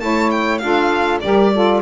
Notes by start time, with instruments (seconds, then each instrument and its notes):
0.00 double bass A3, saxophone E4 C#5, violin A5
0.31 violin G5
0.58 double bass D4, saxophone F4 A4, violin F5
1.21 double bass G3, saxophone G4 A#4, violin D5
1.53 saxophone F4 A4